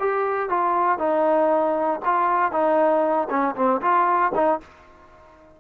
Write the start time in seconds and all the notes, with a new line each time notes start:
0.00 G4
0.50 F4
0.99 D#4
2.05 F4
2.52 D#4
3.30 C#4
3.56 C4
3.82 F4
4.35 D#4